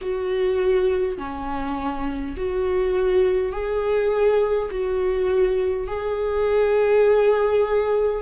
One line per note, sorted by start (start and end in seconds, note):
0.01 1.18 F#4
1.18 2.35 C#4
2.36 3.51 F#4
3.51 4.69 G#4
4.71 5.87 F#4
5.87 8.21 G#4